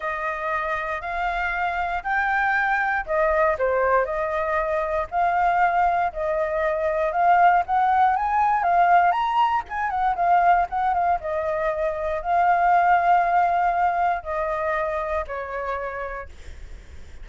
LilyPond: \new Staff \with { instrumentName = "flute" } { \time 4/4 \tempo 4 = 118 dis''2 f''2 | g''2 dis''4 c''4 | dis''2 f''2 | dis''2 f''4 fis''4 |
gis''4 f''4 ais''4 gis''8 fis''8 | f''4 fis''8 f''8 dis''2 | f''1 | dis''2 cis''2 | }